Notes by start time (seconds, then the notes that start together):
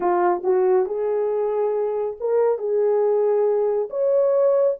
0.00 F4
0.43 F#4
0.86 G#4
2.20 A#4
2.58 G#4
3.90 C#5